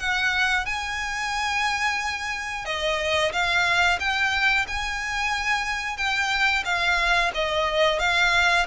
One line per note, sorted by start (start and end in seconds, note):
0.00 0.66 F#5
0.66 2.65 G#5
2.65 3.32 D#5
3.33 3.99 F5
4.00 4.66 G5
4.68 5.98 G#5
5.98 6.64 G5
6.65 7.32 F5
7.35 8.00 D#5
8.00 8.66 F5